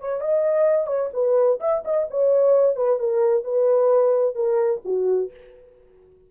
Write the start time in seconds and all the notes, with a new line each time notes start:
0.00 C#5
0.21 D#5
0.87 C#5
1.13 B4
1.60 E5
1.85 D#5
2.10 C#5
2.76 B4
2.99 A#4
3.44 B4
4.35 A#4
4.85 F#4